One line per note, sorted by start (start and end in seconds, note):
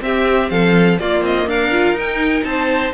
0.00 0.98 C4
0.00 0.50 C4
0.00 0.52 G4
0.00 0.50 E5
0.50 0.99 F3
0.50 1.00 A4
0.50 0.99 F5
0.99 1.22 A#3
0.99 1.72 A#3
0.99 1.49 F4
0.99 1.24 D5
1.22 1.46 C4
1.22 1.49 D#5
1.47 1.93 D4
1.47 2.46 A#4
1.47 1.98 F5
1.72 1.96 F4
1.93 2.42 D#4
1.93 2.94 D#4
1.99 2.44 G5
2.44 2.93 C4
2.44 2.94 C5
2.44 2.93 A5